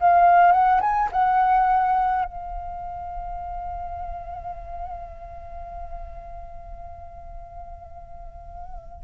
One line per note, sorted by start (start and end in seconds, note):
0.00 0.52 F5
0.52 0.81 F#5
0.81 1.09 G#5
1.12 2.25 F#5
2.25 9.04 F5